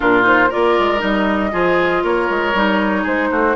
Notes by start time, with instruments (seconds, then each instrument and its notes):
0.00 bassoon A#2, clarinet D4, oboe F4, flute A#4
0.22 clarinet D#4, flute C5
0.49 bassoon A#3, clarinet F4, oboe A#4, flute D5
0.78 bassoon G#3
0.98 bassoon G3, clarinet D#4, flute D#5
1.51 bassoon F3, clarinet F4, oboe G#4
2.03 bassoon A#3, oboe A#4, flute C#5
2.30 bassoon G#3
2.53 bassoon G3, clarinet D#4
3.02 bassoon G#3, oboe G#4, flute C5
3.30 bassoon A3, oboe F#4